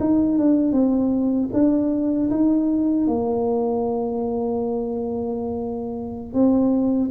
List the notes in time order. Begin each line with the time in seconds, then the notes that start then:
0.00 D#4
0.38 D4
0.72 C4
1.53 D4
2.30 D#4
3.07 A#3
6.33 C4